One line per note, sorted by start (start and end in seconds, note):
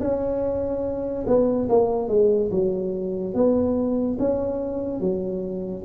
0.00 1.25 C#4
1.27 1.68 B3
1.69 2.08 A#3
2.08 2.50 G#3
2.51 3.34 F#3
3.34 4.17 B3
4.19 5.00 C#4
5.00 5.83 F#3